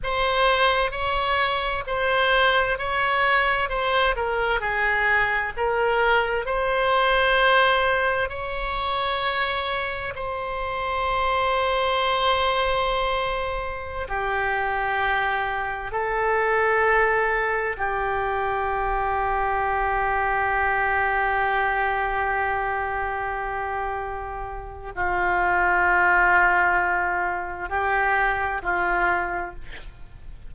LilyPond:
\new Staff \with { instrumentName = "oboe" } { \time 4/4 \tempo 4 = 65 c''4 cis''4 c''4 cis''4 | c''8 ais'8 gis'4 ais'4 c''4~ | c''4 cis''2 c''4~ | c''2.~ c''16 g'8.~ |
g'4~ g'16 a'2 g'8.~ | g'1~ | g'2. f'4~ | f'2 g'4 f'4 | }